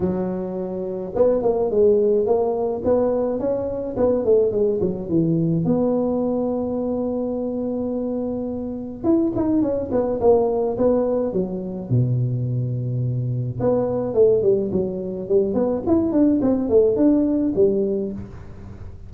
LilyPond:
\new Staff \with { instrumentName = "tuba" } { \time 4/4 \tempo 4 = 106 fis2 b8 ais8 gis4 | ais4 b4 cis'4 b8 a8 | gis8 fis8 e4 b2~ | b1 |
e'8 dis'8 cis'8 b8 ais4 b4 | fis4 b,2. | b4 a8 g8 fis4 g8 b8 | e'8 d'8 c'8 a8 d'4 g4 | }